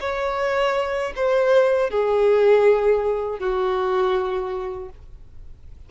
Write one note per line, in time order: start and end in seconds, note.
0.00 1.12 C#5
1.16 1.90 C5
1.90 3.39 G#4
3.39 4.89 F#4